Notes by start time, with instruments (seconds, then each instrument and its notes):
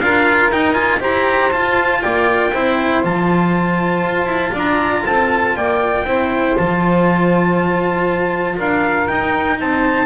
0.00 double bass D4, cello F4, saxophone A#4, trumpet F5
0.52 cello D#4, double bass D#4, trumpet G5
0.73 cello F4, trumpet G#5
0.99 double bass E4, cello G4, saxophone C5, trumpet A#5
1.51 cello F4, double bass F4, trumpet A5
2.02 double bass A#3, saxophone D5, trumpet G5
2.52 double bass C4, cello E4, saxophone C5
3.03 double bass F3, cello F4, trumpet A5
4.04 double bass F4
4.26 double bass E4
4.53 double bass D4, saxophone D5, trumpet A#5
5.06 double bass C4, saxophone A4, trumpet A5
5.55 double bass A#3, saxophone D5, trumpet G5
6.05 double bass C4, cello E4, saxophone C5
6.57 double bass F3, cello F4, trumpet A5
8.56 double bass D4, saxophone A#4, trumpet F5
9.07 cello D#4, double bass D#4, trumpet G5
9.60 double bass C4, saxophone C5, trumpet A5